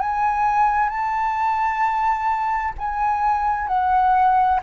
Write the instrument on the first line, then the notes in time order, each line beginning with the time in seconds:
flute
0.00 G#5
0.89 A5
2.78 G#5
3.68 F#5